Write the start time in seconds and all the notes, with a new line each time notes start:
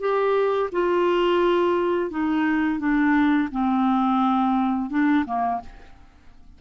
0.00 G4
0.72 F4
2.11 D#4
2.79 D4
3.52 C4
4.90 D4
5.26 A#3